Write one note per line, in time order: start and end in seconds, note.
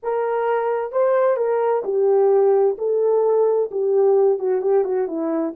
0.03 0.92 A#4
0.92 1.36 C5
1.36 1.82 A#4
1.84 2.76 G4
2.78 3.70 A4
3.71 4.38 G4
4.38 4.61 F#4
4.61 4.84 G4
4.84 5.07 F#4
5.07 5.53 E4